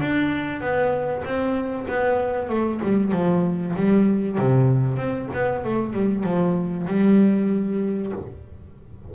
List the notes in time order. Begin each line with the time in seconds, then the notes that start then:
0.00 D4
0.61 B3
1.24 C4
1.88 B3
2.49 A3
2.82 G3
3.12 F3
3.76 G3
4.38 C3
4.97 C4
5.33 B3
5.64 A3
5.93 G3
6.24 F3
6.87 G3